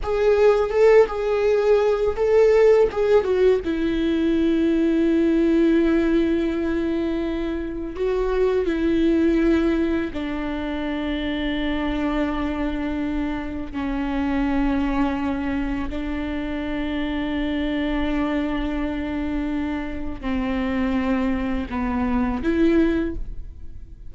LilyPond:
\new Staff \with { instrumentName = "viola" } { \time 4/4 \tempo 4 = 83 gis'4 a'8 gis'4. a'4 | gis'8 fis'8 e'2.~ | e'2. fis'4 | e'2 d'2~ |
d'2. cis'4~ | cis'2 d'2~ | d'1 | c'2 b4 e'4 | }